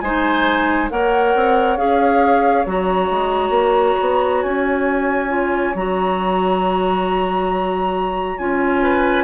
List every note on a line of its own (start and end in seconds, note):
0.00 0.90 G#3
0.00 0.90 D#4
0.00 0.91 C5
0.00 0.88 G#5
0.90 1.35 A#3
0.90 1.78 A#4
0.90 8.83 C#5
0.90 1.77 F#5
1.35 1.77 C4
1.77 2.66 C#4
1.77 2.66 G#4
1.77 2.65 F5
2.66 3.10 F#3
2.66 5.29 F#4
2.66 4.42 A#5
3.10 3.50 G#3
3.50 3.94 A#3
4.00 4.44 B3
4.42 5.74 C#4
4.42 5.75 G#5
5.29 5.73 F4
5.74 8.39 F#3
5.74 8.39 F#4
5.74 8.38 A#5
8.38 9.24 C#4
8.38 9.24 F4
8.38 9.24 G#5
8.83 9.24 B4